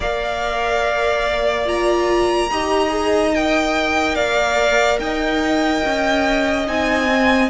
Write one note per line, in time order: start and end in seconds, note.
0.00 2.50 A#3
0.00 1.65 A#4
0.00 2.49 D5
0.00 1.68 F5
1.65 2.48 F4
1.65 3.34 A#5
2.50 4.15 D#4
2.50 2.89 G4
2.50 4.15 D#5
2.89 3.31 G#4
3.34 6.66 A#4
3.34 4.15 G5
4.15 4.99 A#3
4.15 4.99 D5
4.15 4.98 F5
4.99 5.82 D#4
4.99 7.49 D#5
4.99 6.65 G5
5.84 6.68 C#4
6.66 7.49 C4
6.66 7.06 D#4
6.66 7.49 G#5
7.06 7.48 C4